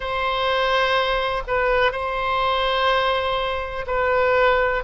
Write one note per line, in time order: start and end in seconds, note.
0.00 1.43 C5
1.47 1.91 B4
1.91 3.85 C5
3.86 4.83 B4